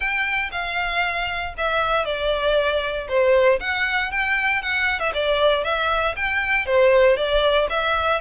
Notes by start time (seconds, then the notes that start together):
0.00 G5
0.51 F5
1.57 E5
2.05 D5
3.08 C5
3.59 F#5
4.11 G5
4.62 F#5
4.99 E5
5.14 D5
5.63 E5
6.16 G5
6.66 C5
7.17 D5
7.69 E5